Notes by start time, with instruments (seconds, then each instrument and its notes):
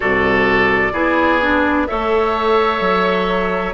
0.00 bassoon C2, clarinet F#4, oboe A4, flute D5
0.93 bassoon B3, clarinet E4, oboe G#4
1.41 clarinet D4
1.86 bassoon A3, clarinet A4, oboe C#5, flute E5
2.80 bassoon F#3